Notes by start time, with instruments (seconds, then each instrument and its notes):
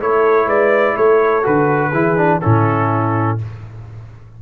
0.00 tuba A3, trombone E4, horn A4, trumpet C#5
0.47 tuba G#3, horn B4, trumpet D5
0.97 tuba A3, horn A4, trumpet C#5
1.43 tuba D3, trombone F#4, trumpet B4
1.91 tuba E3, trombone E4, horn G#4
2.17 trombone D4
2.41 tuba A2, trombone C#4, horn E4, trumpet A4